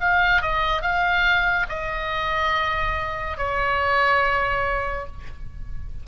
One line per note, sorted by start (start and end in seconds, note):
0.00 0.42 F5
0.42 0.82 D#5
0.82 1.66 F5
1.69 3.37 D#5
3.37 5.06 C#5